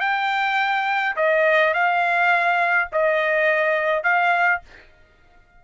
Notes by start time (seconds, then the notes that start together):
0.00 G5
1.16 D#5
1.73 F5
2.92 D#5
4.03 F5